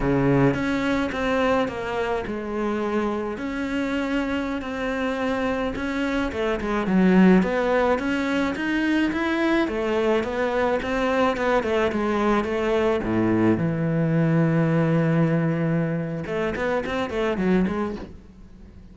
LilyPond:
\new Staff \with { instrumentName = "cello" } { \time 4/4 \tempo 4 = 107 cis4 cis'4 c'4 ais4 | gis2 cis'2~ | cis'16 c'2 cis'4 a8 gis16~ | gis16 fis4 b4 cis'4 dis'8.~ |
dis'16 e'4 a4 b4 c'8.~ | c'16 b8 a8 gis4 a4 a,8.~ | a,16 e2.~ e8.~ | e4 a8 b8 c'8 a8 fis8 gis8 | }